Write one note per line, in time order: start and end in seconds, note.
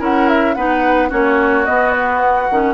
0.00 0.56 C#4
0.00 0.56 E4
0.00 0.55 A#4
0.00 0.29 F#5
0.29 0.55 E5
0.55 1.11 B3
0.55 1.10 D#4
0.55 1.09 B4
0.55 1.10 F#5
1.09 1.68 A#3
1.09 1.65 C#4
1.09 2.74 F#4
1.09 1.65 C#5
1.65 2.50 B3
1.65 2.51 B3
1.65 1.92 D#5
1.92 2.19 B4
2.19 2.74 F#5
2.51 2.75 D#3
2.51 2.75 C#4